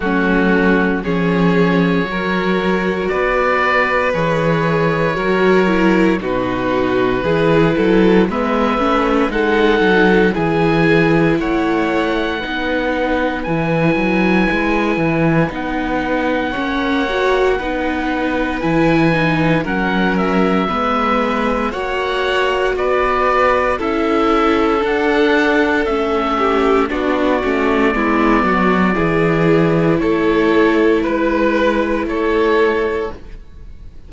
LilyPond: <<
  \new Staff \with { instrumentName = "oboe" } { \time 4/4 \tempo 4 = 58 fis'4 cis''2 d''4 | cis''2 b'2 | e''4 fis''4 gis''4 fis''4~ | fis''4 gis''2 fis''4~ |
fis''2 gis''4 fis''8 e''8~ | e''4 fis''4 d''4 e''4 | fis''4 e''4 d''2~ | d''4 cis''4 b'4 cis''4 | }
  \new Staff \with { instrumentName = "violin" } { \time 4/4 cis'4 gis'4 ais'4 b'4~ | b'4 ais'4 fis'4 gis'8 a'8 | b'4 a'4 gis'4 cis''4 | b'1 |
cis''4 b'2 ais'4 | b'4 cis''4 b'4 a'4~ | a'4. g'8 fis'4 e'8 fis'8 | gis'4 a'4 b'4 a'4 | }
  \new Staff \with { instrumentName = "viola" } { \time 4/4 a4 cis'4 fis'2 | gis'4 fis'8 e'8 dis'4 e'4 | b8 cis'8 dis'4 e'2 | dis'4 e'2 dis'4 |
cis'8 fis'8 dis'4 e'8 dis'8 cis'4 | b4 fis'2 e'4 | d'4 cis'4 d'8 cis'8 b4 | e'1 | }
  \new Staff \with { instrumentName = "cello" } { \time 4/4 fis4 f4 fis4 b4 | e4 fis4 b,4 e8 fis8 | gis8 a8 gis8 fis8 e4 a4 | b4 e8 fis8 gis8 e8 b4 |
ais4 b4 e4 fis4 | gis4 ais4 b4 cis'4 | d'4 a4 b8 a8 gis8 fis8 | e4 a4 gis4 a4 | }
>>